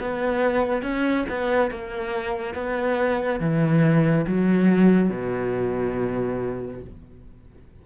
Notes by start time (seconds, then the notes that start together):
0.00 B3
0.82 C#4
1.29 B3
1.71 A#3
2.55 B3
3.40 E3
4.27 F#3
5.10 B2